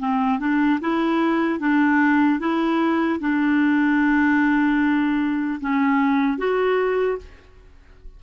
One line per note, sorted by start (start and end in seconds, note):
0.00 0.40 C4
0.40 0.80 D4
0.81 1.60 E4
1.60 2.40 D4
2.40 3.20 E4
3.20 5.60 D4
5.61 6.38 C#4
6.38 7.18 F#4